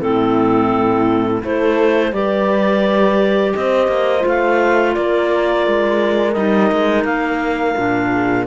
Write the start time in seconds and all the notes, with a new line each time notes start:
0.00 A2 C4 E4 A4
1.41 A3 E4 A4 C5
2.12 G3 G4 B4 D5
3.54 C4 C5 D#5
3.87 A#3
4.19 F4
4.25 A3 F5
4.94 A#3 A#4 D5
5.66 G#3
6.32 G3 D#4 D#5
6.71 G#3
7.04 A#3 F5
7.76 A#2 D4
8.12 G#4